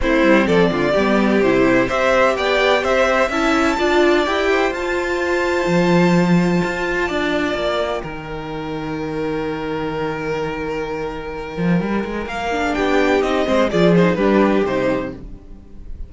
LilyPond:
<<
  \new Staff \with { instrumentName = "violin" } { \time 4/4 \tempo 4 = 127 c''4 d''2 c''4 | e''4 g''4 e''4 a''4~ | a''4 g''4 a''2~ | a''1~ |
a''8 g''2.~ g''8~ | g''1~ | g''2 f''4 g''4 | dis''4 d''8 c''8 b'4 c''4 | }
  \new Staff \with { instrumentName = "violin" } { \time 4/4 e'4 a'8 f'8 g'2 | c''4 d''4 c''4 e''4 | d''4. c''2~ c''8~ | c''2. d''4~ |
d''4 ais'2.~ | ais'1~ | ais'2~ ais'8. gis'16 g'4~ | g'8 c''8 gis'4 g'2 | }
  \new Staff \with { instrumentName = "viola" } { \time 4/4 c'2 b4 e'4 | g'2. e'4 | f'4 g'4 f'2~ | f'1~ |
f'4 dis'2.~ | dis'1~ | dis'2~ dis'8 d'4. | dis'8 c'8 f'8 dis'8 d'4 dis'4 | }
  \new Staff \with { instrumentName = "cello" } { \time 4/4 a8 g8 f8 d8 g4 c4 | c'4 b4 c'4 cis'4 | d'4 e'4 f'2 | f2 f'4 d'4 |
ais4 dis2.~ | dis1~ | dis8 f8 g8 gis8 ais4 b4 | c'8 gis8 f4 g4 c4 | }
>>